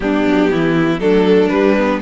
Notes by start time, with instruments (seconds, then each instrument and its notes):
0.00 cello G3, viola B3, violin D4 G4
0.25 cello F#3
0.51 cello E3, violin E4
0.98 cello F#3, viola A3, violin D4 A4
1.49 cello G3, viola G3, violin B4
1.77 viola B3